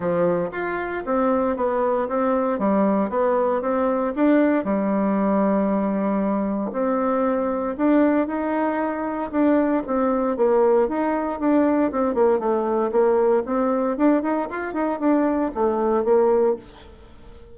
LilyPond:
\new Staff \with { instrumentName = "bassoon" } { \time 4/4 \tempo 4 = 116 f4 f'4 c'4 b4 | c'4 g4 b4 c'4 | d'4 g2.~ | g4 c'2 d'4 |
dis'2 d'4 c'4 | ais4 dis'4 d'4 c'8 ais8 | a4 ais4 c'4 d'8 dis'8 | f'8 dis'8 d'4 a4 ais4 | }